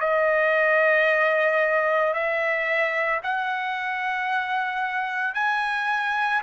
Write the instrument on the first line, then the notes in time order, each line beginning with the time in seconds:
trumpet
0.00 D#5
2.13 E5
3.23 F#5
5.34 G#5